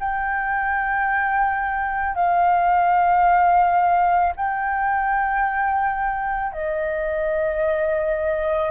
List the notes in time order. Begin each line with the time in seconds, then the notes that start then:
0.00 G5
2.15 F5
4.36 G5
6.53 D#5